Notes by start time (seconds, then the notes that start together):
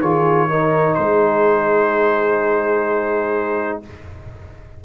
0.00 D#3 F4 G#4 C#5
0.49 D#4 A#4
0.94 G#3 G#4 C5